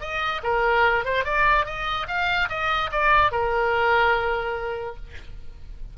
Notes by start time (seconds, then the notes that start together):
0.00 D#5
0.43 A#4
1.04 C5
1.24 D5
1.66 D#5
2.07 F5
2.49 D#5
2.91 D5
3.32 A#4